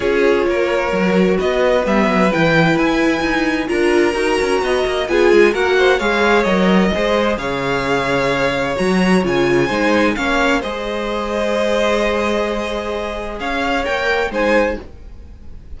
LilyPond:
<<
  \new Staff \with { instrumentName = "violin" } { \time 4/4 \tempo 4 = 130 cis''2. dis''4 | e''4 g''4 gis''2 | ais''2. gis''4 | fis''4 f''4 dis''2 |
f''2. ais''4 | gis''2 f''4 dis''4~ | dis''1~ | dis''4 f''4 g''4 gis''4 | }
  \new Staff \with { instrumentName = "violin" } { \time 4/4 gis'4 ais'2 b'4~ | b'1 | ais'2 dis''4 gis'4 | ais'8 c''8 cis''2 c''4 |
cis''1~ | cis''4 c''4 cis''4 c''4~ | c''1~ | c''4 cis''2 c''4 | }
  \new Staff \with { instrumentName = "viola" } { \time 4/4 f'2 fis'2 | b4 e'2. | f'4 fis'2 f'4 | fis'4 gis'4 ais'4 gis'4~ |
gis'2. fis'4 | f'4 dis'4 cis'4 gis'4~ | gis'1~ | gis'2 ais'4 dis'4 | }
  \new Staff \with { instrumentName = "cello" } { \time 4/4 cis'4 ais4 fis4 b4 | g8 fis8 e4 e'4 dis'4 | d'4 dis'8 cis'8 b8 ais8 b8 gis8 | ais4 gis4 fis4 gis4 |
cis2. fis4 | cis4 gis4 ais4 gis4~ | gis1~ | gis4 cis'4 ais4 gis4 | }
>>